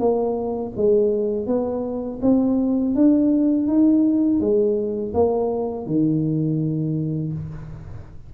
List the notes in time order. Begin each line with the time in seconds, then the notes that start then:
0.00 A#3
0.77 G#3
1.47 B3
2.23 C4
2.96 D4
3.68 D#4
4.41 G#3
5.14 A#3
5.87 D#3